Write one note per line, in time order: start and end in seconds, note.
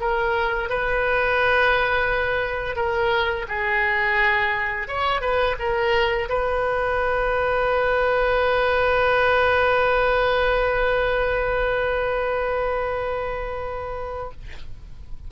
0.00 0.69 A#4
0.69 2.76 B4
2.76 3.46 A#4
3.48 4.88 G#4
4.88 5.21 C#5
5.21 5.56 B4
5.59 6.29 A#4
6.29 14.31 B4